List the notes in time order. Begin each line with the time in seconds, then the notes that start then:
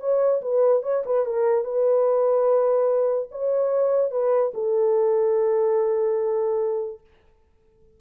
0.00 C#5
0.41 B4
0.83 C#5
1.06 B4
1.26 A#4
1.64 B4
3.31 C#5
4.11 B4
4.54 A4